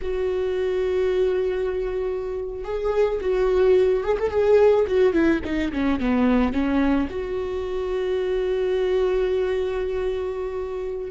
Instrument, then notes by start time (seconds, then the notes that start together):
viola
0.02 F#4
2.64 G#4
3.20 F#4
4.03 G#4
4.19 A4
4.30 G#4
4.87 F#4
5.12 E4
5.44 D#4
5.72 C#4
5.99 B3
6.53 C#4
7.10 F#4